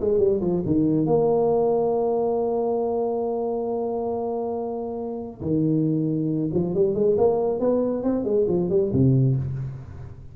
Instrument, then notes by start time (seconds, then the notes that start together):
tuba
0.00 G#3
0.18 G3
0.41 F3
0.65 D#3
1.06 A#3
5.41 D#3
6.53 F3
6.74 G3
6.94 G#3
7.17 A#3
7.59 B3
8.03 C4
8.24 G#3
8.48 F3
8.69 G3
8.92 C3